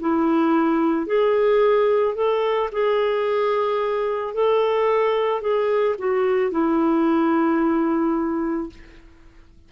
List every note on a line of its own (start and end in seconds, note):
0.00 1.07 E4
1.07 2.15 G#4
2.15 2.69 A4
2.72 4.34 G#4
4.34 5.41 A4
5.41 5.96 G#4
5.99 6.51 F#4
6.51 8.69 E4